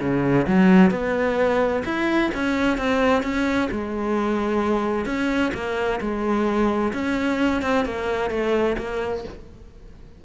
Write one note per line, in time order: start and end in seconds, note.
0.00 0.46 C#3
0.47 0.91 F#3
0.91 1.83 B3
1.85 2.31 E4
2.34 2.77 C#4
2.77 3.23 C4
3.23 3.69 C#4
3.71 5.05 G#3
5.05 5.52 C#4
5.54 6.00 A#3
6.00 6.93 G#3
6.93 7.62 C#4
7.62 7.85 C4
7.85 8.30 A#3
8.30 8.76 A3
8.78 9.24 A#3